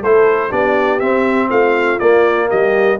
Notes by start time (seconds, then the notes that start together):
0.00 A3 E4 A4 C5
0.49 B3 D4 G4 D5
0.99 C4 E5
1.49 A3 F4 F5
1.99 A#3 D5
2.48 G3 G4 D#5